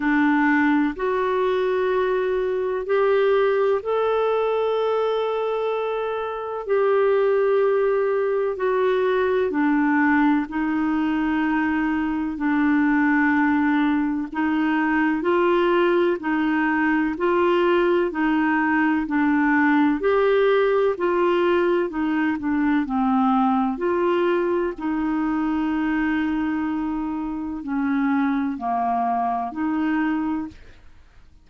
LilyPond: \new Staff \with { instrumentName = "clarinet" } { \time 4/4 \tempo 4 = 63 d'4 fis'2 g'4 | a'2. g'4~ | g'4 fis'4 d'4 dis'4~ | dis'4 d'2 dis'4 |
f'4 dis'4 f'4 dis'4 | d'4 g'4 f'4 dis'8 d'8 | c'4 f'4 dis'2~ | dis'4 cis'4 ais4 dis'4 | }